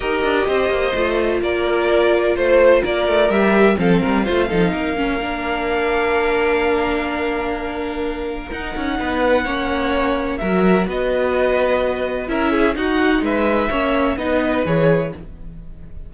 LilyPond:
<<
  \new Staff \with { instrumentName = "violin" } { \time 4/4 \tempo 4 = 127 dis''2. d''4~ | d''4 c''4 d''4 e''4 | f''1~ | f''1~ |
f''2 fis''2~ | fis''2 e''4 dis''4~ | dis''2 e''4 fis''4 | e''2 dis''4 cis''4 | }
  \new Staff \with { instrumentName = "violin" } { \time 4/4 ais'4 c''2 ais'4~ | ais'4 c''4 ais'2 | a'8 ais'8 c''8 a'8 ais'2~ | ais'1~ |
ais'2. b'4 | cis''2 ais'4 b'4~ | b'2 ais'8 gis'8 fis'4 | b'4 cis''4 b'2 | }
  \new Staff \with { instrumentName = "viola" } { \time 4/4 g'2 f'2~ | f'2. g'4 | c'4 f'8 dis'4 cis'8 d'4~ | d'1~ |
d'2 dis'2 | cis'2 fis'2~ | fis'2 e'4 dis'4~ | dis'4 cis'4 dis'4 gis'4 | }
  \new Staff \with { instrumentName = "cello" } { \time 4/4 dis'8 d'8 c'8 ais8 a4 ais4~ | ais4 a4 ais8 a8 g4 | f8 g8 a8 f8 ais2~ | ais1~ |
ais2 dis'8 cis'8 b4 | ais2 fis4 b4~ | b2 cis'4 dis'4 | gis4 ais4 b4 e4 | }
>>